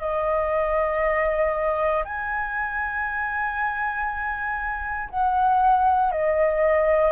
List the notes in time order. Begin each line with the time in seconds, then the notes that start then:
0.00 D#5
2.04 G#5
5.09 F#5
6.11 D#5